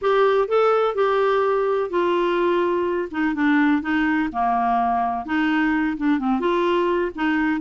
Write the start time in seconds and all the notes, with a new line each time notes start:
0.01 G4
0.48 A4
0.94 G4
1.89 F4
3.11 D#4
3.34 D4
3.81 D#4
4.32 A#3
5.25 D#4
5.97 D4
6.19 C4
6.40 F4
7.15 D#4